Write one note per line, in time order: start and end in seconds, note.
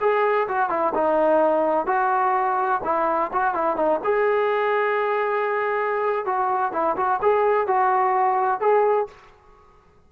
0.00 0.47 G#4
0.48 0.69 F#4
0.69 0.93 E4
0.94 1.86 D#4
1.86 2.81 F#4
2.84 3.31 E4
3.32 3.54 F#4
3.54 3.76 E4
3.76 4.00 D#4
4.04 6.25 G#4
6.25 6.72 F#4
6.72 6.96 E4
6.96 7.20 F#4
7.22 7.67 G#4
7.67 8.60 F#4
8.60 9.07 G#4